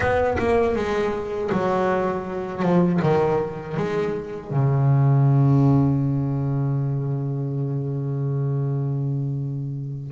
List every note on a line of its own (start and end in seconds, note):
0.00 0.37 B3
0.38 0.75 A#3
0.75 1.50 G#3
1.51 2.62 F#3
2.62 3.00 F3
3.01 3.76 D#3
3.76 4.50 G#3
4.50 10.12 C#3